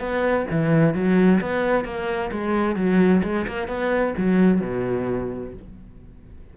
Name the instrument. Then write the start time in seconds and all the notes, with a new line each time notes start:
cello
0.00 B3
0.51 E3
0.94 F#3
1.41 B3
1.85 A#3
2.31 G#3
2.76 F#3
3.23 G#3
3.48 A#3
3.68 B3
4.17 F#3
4.61 B2